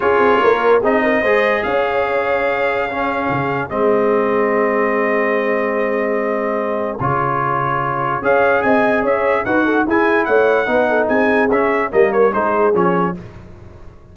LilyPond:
<<
  \new Staff \with { instrumentName = "trumpet" } { \time 4/4 \tempo 4 = 146 cis''2 dis''2 | f''1~ | f''4 dis''2.~ | dis''1~ |
dis''4 cis''2. | f''4 gis''4 e''4 fis''4 | gis''4 fis''2 gis''4 | e''4 dis''8 cis''8 c''4 cis''4 | }
  \new Staff \with { instrumentName = "horn" } { \time 4/4 gis'4 ais'4 gis'8 ais'8 c''4 | cis''2. gis'4~ | gis'1~ | gis'1~ |
gis'1 | cis''4 dis''4 cis''4 b'8 a'8 | gis'4 cis''4 b'8 a'8 gis'4~ | gis'4 ais'4 gis'2 | }
  \new Staff \with { instrumentName = "trombone" } { \time 4/4 f'2 dis'4 gis'4~ | gis'2. cis'4~ | cis'4 c'2.~ | c'1~ |
c'4 f'2. | gis'2. fis'4 | e'2 dis'2 | cis'4 ais4 dis'4 cis'4 | }
  \new Staff \with { instrumentName = "tuba" } { \time 4/4 cis'8 c'8 ais4 c'4 gis4 | cis'1 | cis4 gis2.~ | gis1~ |
gis4 cis2. | cis'4 c'4 cis'4 dis'4 | e'4 a4 b4 c'4 | cis'4 g4 gis4 f4 | }
>>